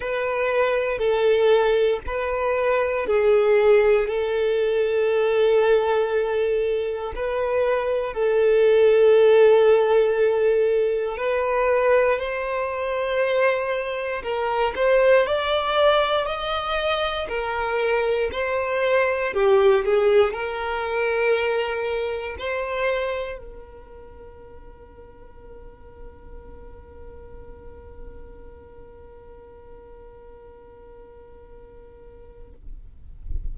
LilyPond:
\new Staff \with { instrumentName = "violin" } { \time 4/4 \tempo 4 = 59 b'4 a'4 b'4 gis'4 | a'2. b'4 | a'2. b'4 | c''2 ais'8 c''8 d''4 |
dis''4 ais'4 c''4 g'8 gis'8 | ais'2 c''4 ais'4~ | ais'1~ | ais'1 | }